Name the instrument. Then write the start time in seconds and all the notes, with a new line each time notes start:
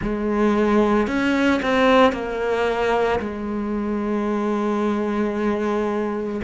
cello
0.01 G#3
1.07 C#4
1.62 C4
2.12 A#3
3.19 G#3